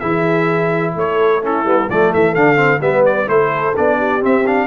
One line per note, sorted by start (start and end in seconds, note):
0.00 0.96 E3
0.00 1.41 E4
0.00 0.93 G#4
0.00 0.93 E5
0.96 1.65 A3
0.96 1.43 A4
0.96 1.45 C#5
1.42 1.65 C#4
1.42 1.89 E4
1.42 1.90 A4
1.65 1.88 G3
1.65 1.89 B3
1.89 2.13 F3
1.89 2.36 A3
1.89 2.81 A4
1.89 2.13 D5
2.14 2.36 E3
2.14 2.35 E5
2.35 2.81 D3
2.35 2.56 D4
2.35 2.81 F5
2.56 2.79 C4
2.81 3.27 G3
2.81 3.27 B3
2.81 3.27 B4
2.81 3.05 E5
3.06 3.29 D5
3.27 3.74 A3
3.27 3.73 E4
3.27 3.97 A4
3.27 3.75 C5
3.76 4.22 B3
3.76 4.21 D4
3.76 4.23 D5
3.97 4.66 G4
4.21 4.44 C4
4.21 4.66 C4
4.21 4.47 E5
4.46 4.66 D4
4.46 4.66 F5